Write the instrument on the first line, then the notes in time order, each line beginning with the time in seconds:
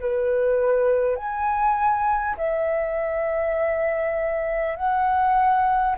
flute
0.00 B4
1.16 G#5
2.38 E5
4.76 F#5